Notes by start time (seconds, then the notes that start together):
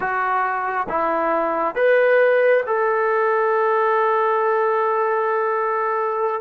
0.00 F#4
0.88 E4
1.75 B4
2.66 A4